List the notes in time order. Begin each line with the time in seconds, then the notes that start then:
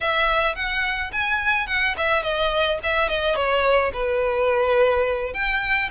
0.00 E5
0.55 F#5
1.12 G#5
1.67 F#5
1.97 E5
2.23 D#5
2.83 E5
3.08 D#5
3.35 C#5
3.93 B4
5.33 G5